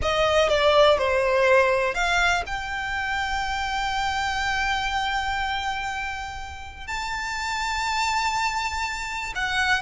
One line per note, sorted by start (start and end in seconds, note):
0.01 0.49 D#5
0.49 0.97 D5
0.97 1.94 C5
1.94 2.43 F5
2.46 6.87 G5
6.87 9.33 A5
9.35 9.81 F#5